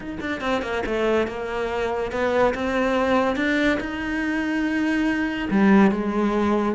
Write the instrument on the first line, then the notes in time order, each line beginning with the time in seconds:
cello
0.00 D#4
0.20 D4
0.41 C4
0.62 A#3
0.85 A3
1.27 A#3
2.11 B3
2.54 C4
3.36 D4
3.80 D#4
5.50 G3
5.91 G#3